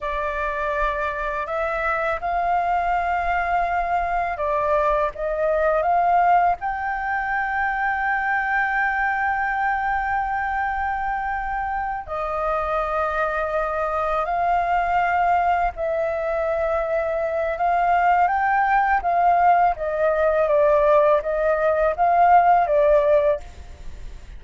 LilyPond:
\new Staff \with { instrumentName = "flute" } { \time 4/4 \tempo 4 = 82 d''2 e''4 f''4~ | f''2 d''4 dis''4 | f''4 g''2.~ | g''1~ |
g''8 dis''2. f''8~ | f''4. e''2~ e''8 | f''4 g''4 f''4 dis''4 | d''4 dis''4 f''4 d''4 | }